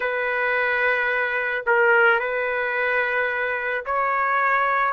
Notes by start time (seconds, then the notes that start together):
0.00 B4
1.66 A#4
2.19 B4
3.85 C#5